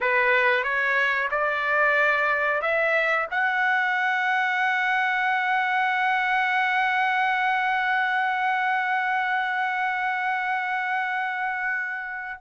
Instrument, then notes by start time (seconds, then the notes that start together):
trumpet
0.00 B4
0.63 C#5
1.30 D5
2.61 E5
3.30 F#5